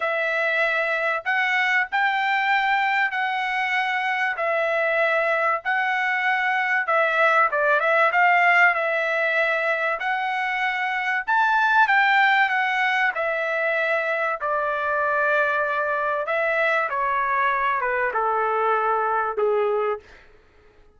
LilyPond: \new Staff \with { instrumentName = "trumpet" } { \time 4/4 \tempo 4 = 96 e''2 fis''4 g''4~ | g''4 fis''2 e''4~ | e''4 fis''2 e''4 | d''8 e''8 f''4 e''2 |
fis''2 a''4 g''4 | fis''4 e''2 d''4~ | d''2 e''4 cis''4~ | cis''8 b'8 a'2 gis'4 | }